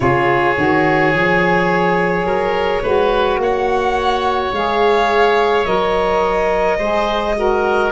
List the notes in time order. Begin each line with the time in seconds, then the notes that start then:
0.00 C#3 F4 G#4 C#5
0.57 D#3 F#4
1.12 F3 G#4
2.25 F#3 A#4
2.83 G#3 F#4 B4
3.37 A#3 C#5 F#5
4.52 G#3 G#4 F5
5.65 F#3 A#4 D#5
6.78 G#3 G#4 C5
7.35 F#4 A#4